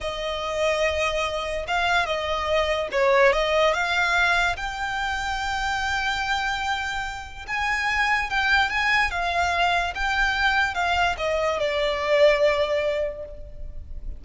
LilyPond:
\new Staff \with { instrumentName = "violin" } { \time 4/4 \tempo 4 = 145 dis''1 | f''4 dis''2 cis''4 | dis''4 f''2 g''4~ | g''1~ |
g''2 gis''2 | g''4 gis''4 f''2 | g''2 f''4 dis''4 | d''1 | }